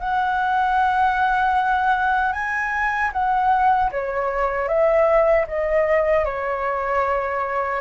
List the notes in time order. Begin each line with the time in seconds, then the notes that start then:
0.00 F#5
2.33 G#5
3.13 F#5
3.92 C#5
4.68 E5
5.48 D#5
6.25 C#5